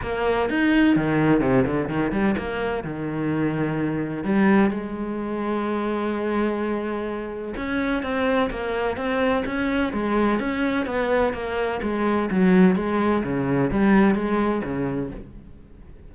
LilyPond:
\new Staff \with { instrumentName = "cello" } { \time 4/4 \tempo 4 = 127 ais4 dis'4 dis4 c8 d8 | dis8 g8 ais4 dis2~ | dis4 g4 gis2~ | gis1 |
cis'4 c'4 ais4 c'4 | cis'4 gis4 cis'4 b4 | ais4 gis4 fis4 gis4 | cis4 g4 gis4 cis4 | }